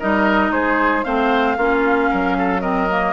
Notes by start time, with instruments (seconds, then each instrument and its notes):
0.00 bassoon G3, clarinet D#4, oboe A#4, flute D#5
0.51 bassoon G#3, oboe G#4, flute C5
1.04 bassoon A3, clarinet C4, oboe C5, flute F5
1.57 bassoon A#3, clarinet C#4, oboe F4
2.11 bassoon F#3, oboe A#4
2.38 oboe A4
2.62 clarinet C4, oboe A#4, flute D#5
2.90 clarinet A#3